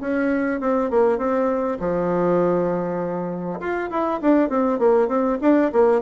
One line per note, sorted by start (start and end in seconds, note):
0.00 0.60 C#4
0.60 0.90 C4
0.90 1.18 A#3
1.18 1.78 C4
1.79 3.59 F3
3.60 3.90 F4
3.90 4.20 E4
4.21 4.49 D4
4.49 4.78 C4
4.78 5.08 A#3
5.08 5.38 C4
5.41 5.71 D4
5.72 6.01 A#3